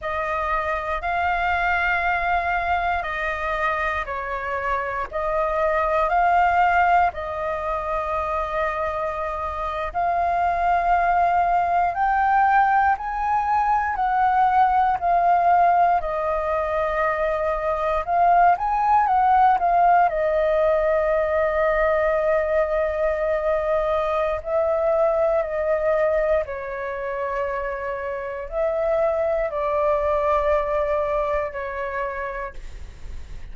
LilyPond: \new Staff \with { instrumentName = "flute" } { \time 4/4 \tempo 4 = 59 dis''4 f''2 dis''4 | cis''4 dis''4 f''4 dis''4~ | dis''4.~ dis''16 f''2 g''16~ | g''8. gis''4 fis''4 f''4 dis''16~ |
dis''4.~ dis''16 f''8 gis''8 fis''8 f''8 dis''16~ | dis''1 | e''4 dis''4 cis''2 | e''4 d''2 cis''4 | }